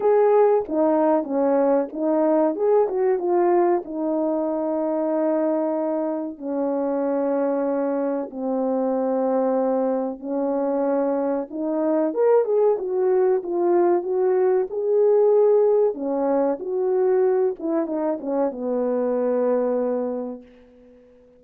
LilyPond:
\new Staff \with { instrumentName = "horn" } { \time 4/4 \tempo 4 = 94 gis'4 dis'4 cis'4 dis'4 | gis'8 fis'8 f'4 dis'2~ | dis'2 cis'2~ | cis'4 c'2. |
cis'2 dis'4 ais'8 gis'8 | fis'4 f'4 fis'4 gis'4~ | gis'4 cis'4 fis'4. e'8 | dis'8 cis'8 b2. | }